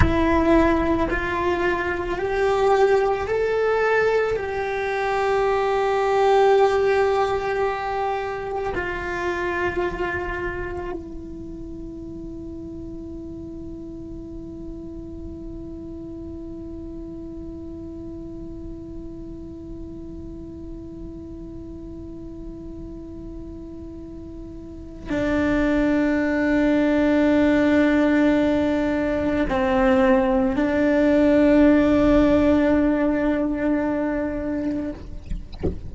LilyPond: \new Staff \with { instrumentName = "cello" } { \time 4/4 \tempo 4 = 55 e'4 f'4 g'4 a'4 | g'1 | f'2 e'2~ | e'1~ |
e'1~ | e'2. d'4~ | d'2. c'4 | d'1 | }